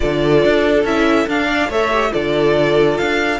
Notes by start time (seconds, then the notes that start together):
0.00 D3 F4 A4 D5
0.44 D4
0.84 C#4 E4 E5
1.27 D4 F5
1.46 D5
1.68 A3 A4 C#5 E5
1.92 G4
2.11 D3 F4 A4 D5
2.97 D4 F5